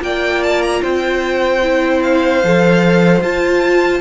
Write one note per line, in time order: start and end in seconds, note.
0.00 0.82 A#3
0.00 1.60 F4
0.00 0.82 D5
0.00 0.44 G5
0.44 0.62 A5
0.62 0.83 A#5
0.82 2.44 C4
0.82 4.02 C5
0.82 2.03 G5
1.63 2.43 E4
2.03 3.23 F5
2.44 3.22 F3
2.44 3.23 A4
3.22 4.02 F4
3.22 4.02 A5